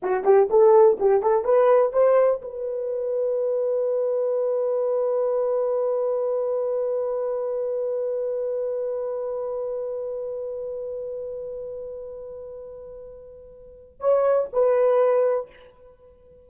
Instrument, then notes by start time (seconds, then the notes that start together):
horn
0.02 F#4
0.24 G4
0.50 A4
0.99 G4
1.22 A4
1.44 B4
1.92 C5
2.41 B4
14.00 C#5
14.52 B4